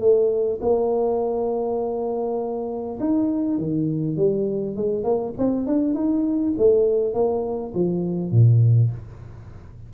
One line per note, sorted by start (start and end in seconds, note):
0.00 0.59 A3
0.61 2.99 A#3
3.00 3.58 D#4
3.58 4.17 D#3
4.17 4.76 G3
4.77 5.04 G#3
5.04 5.34 A#3
5.38 5.67 C4
5.67 5.94 D4
5.94 6.54 D#4
6.58 7.14 A3
7.14 7.73 A#3
7.74 8.31 F3
8.31 8.91 A#2